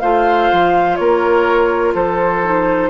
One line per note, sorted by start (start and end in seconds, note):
0.00 0.51 A3
0.00 2.44 F4
0.00 0.98 C5
0.00 0.96 F5
0.52 0.99 F3
0.96 1.95 A#3
0.96 1.94 A#4
0.96 1.93 C#5
1.94 2.90 F3
1.94 2.90 A4
1.94 2.90 C5
2.44 2.90 D#4